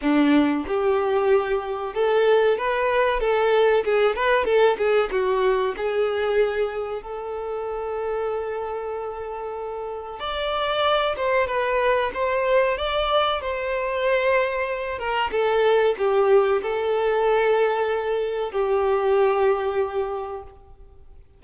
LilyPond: \new Staff \with { instrumentName = "violin" } { \time 4/4 \tempo 4 = 94 d'4 g'2 a'4 | b'4 a'4 gis'8 b'8 a'8 gis'8 | fis'4 gis'2 a'4~ | a'1 |
d''4. c''8 b'4 c''4 | d''4 c''2~ c''8 ais'8 | a'4 g'4 a'2~ | a'4 g'2. | }